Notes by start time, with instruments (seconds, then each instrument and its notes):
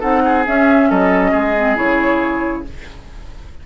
0.00 bassoon C4, clarinet D#4, oboe A4, flute F#5
0.25 oboe G#4
0.47 bassoon C#4, clarinet C#4, flute E5
0.90 bassoon F#3, oboe A4, flute D#5
1.31 bassoon G#3, oboe G#4
1.57 clarinet C4
1.76 bassoon C#3, clarinet E4, flute C#5